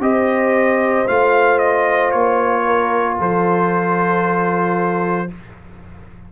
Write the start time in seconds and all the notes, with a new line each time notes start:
0.00 C4 G4 C5 D#5
1.07 A3 F4 F5
1.59 D#5
2.11 A#3 C#5
2.66 A#4
3.18 F3 A4 C5